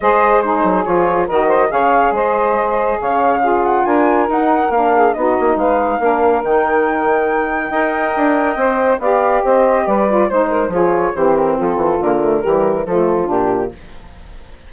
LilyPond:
<<
  \new Staff \with { instrumentName = "flute" } { \time 4/4 \tempo 4 = 140 dis''4 c''4 cis''4 dis''4 | f''4 dis''2 f''4~ | f''8 fis''8 gis''4 fis''4 f''4 | dis''4 f''2 g''4~ |
g''1~ | g''4 f''4 dis''4 d''4 | c''4 cis''4 c''8 ais'8 a'4 | ais'2 a'4 g'4 | }
  \new Staff \with { instrumentName = "saxophone" } { \time 4/4 c''4 gis'2 ais'8 c''8 | cis''4 c''2 cis''4 | gis'4 ais'2~ ais'8 gis'8 | fis'4 b'4 ais'2~ |
ais'2 dis''2~ | dis''4 d''4 c''4 b'4 | c''8 ais'8 gis'4 g'4 f'4~ | f'4 g'4 f'2 | }
  \new Staff \with { instrumentName = "saxophone" } { \time 4/4 gis'4 dis'4 f'4 fis'4 | gis'1 | f'2 dis'4 d'4 | dis'2 d'4 dis'4~ |
dis'2 ais'2 | c''4 g'2~ g'8 f'8 | dis'4 f'4 c'2 | ais8 a8 g4 a4 d'4 | }
  \new Staff \with { instrumentName = "bassoon" } { \time 4/4 gis4. fis8 f4 dis4 | cis4 gis2 cis4~ | cis4 d'4 dis'4 ais4 | b8 ais8 gis4 ais4 dis4~ |
dis2 dis'4 d'4 | c'4 b4 c'4 g4 | gis4 f4 e4 f8 e8 | d4 e4 f4 ais,4 | }
>>